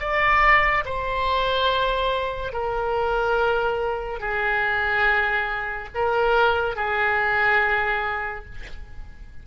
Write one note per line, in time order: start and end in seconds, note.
0.00 0.85 D5
0.85 2.53 C5
2.53 4.20 A#4
4.20 5.89 G#4
5.95 6.76 A#4
6.76 8.45 G#4